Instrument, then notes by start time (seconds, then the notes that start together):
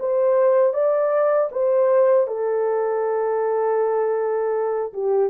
horn
0.00 C5
0.74 D5
1.52 C5
2.28 A4
4.94 G4